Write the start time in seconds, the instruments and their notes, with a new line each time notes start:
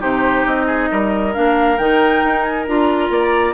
0.00 bassoon C3, clarinet D#4, oboe G4, flute C5
0.46 bassoon C4, flute D#5
0.67 oboe G#4
0.91 bassoon G3, oboe A#4
1.34 bassoon A#3, clarinet D4, flute F5
1.78 bassoon D#3, clarinet D#4, flute G5
2.24 bassoon D#4
2.43 flute G#5
2.67 bassoon D4, clarinet F4, flute A#5
3.10 bassoon A#3, oboe D5